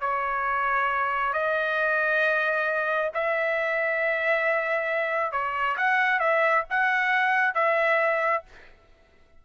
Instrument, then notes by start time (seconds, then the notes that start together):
trumpet
0.00 C#5
1.33 D#5
3.14 E5
5.32 C#5
5.77 F#5
6.19 E5
6.69 F#5
7.54 E5